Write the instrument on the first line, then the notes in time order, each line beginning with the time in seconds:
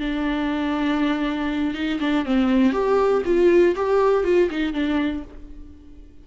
viola
0.00 D4
1.75 D#4
2.00 D4
2.25 C4
2.72 G4
3.25 F4
3.76 G4
4.24 F4
4.51 D#4
4.73 D4